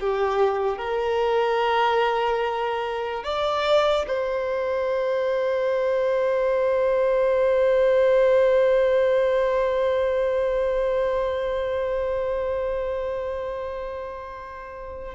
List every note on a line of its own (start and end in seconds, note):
0.00 0.78 G4
0.78 3.24 A#4
3.24 4.06 D5
4.08 15.15 C5